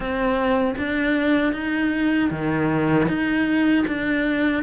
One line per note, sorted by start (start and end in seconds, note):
0.00 0.74 C4
0.77 1.52 D4
1.52 2.29 D#4
2.30 3.07 D#3
3.08 3.85 D#4
3.87 4.63 D4